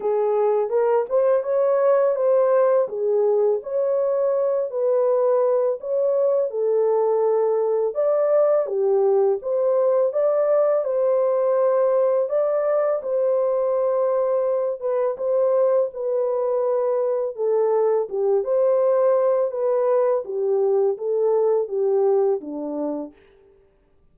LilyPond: \new Staff \with { instrumentName = "horn" } { \time 4/4 \tempo 4 = 83 gis'4 ais'8 c''8 cis''4 c''4 | gis'4 cis''4. b'4. | cis''4 a'2 d''4 | g'4 c''4 d''4 c''4~ |
c''4 d''4 c''2~ | c''8 b'8 c''4 b'2 | a'4 g'8 c''4. b'4 | g'4 a'4 g'4 d'4 | }